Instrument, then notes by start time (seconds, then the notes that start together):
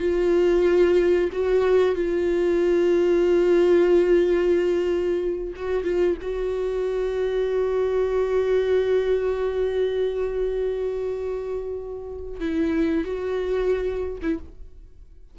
viola
0.00 F4
1.33 F#4
1.95 F4
5.56 F#4
5.85 F4
6.22 F#4
12.40 E4
13.05 F#4
14.22 E4